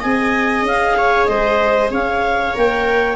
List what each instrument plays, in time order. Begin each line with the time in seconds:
0.00 tuba C4, viola G#4 D#5, clarinet G#5
0.62 tuba C#4, clarinet F5
0.97 viola C#5
1.26 tuba G#3, viola C5, clarinet D#5
1.90 tuba C#4, viola C#5, clarinet F5
2.54 tuba A#3, viola A#4, clarinet G5